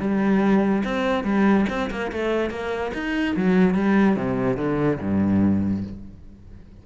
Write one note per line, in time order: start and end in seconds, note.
0.00 0.83 G3
0.84 1.24 C4
1.24 1.66 G3
1.70 1.91 C4
1.91 2.12 A#3
2.12 2.51 A3
2.51 2.92 A#3
2.94 3.36 D#4
3.37 3.75 F#3
3.75 4.16 G3
4.16 4.57 C3
4.57 4.99 D3
5.01 5.84 G2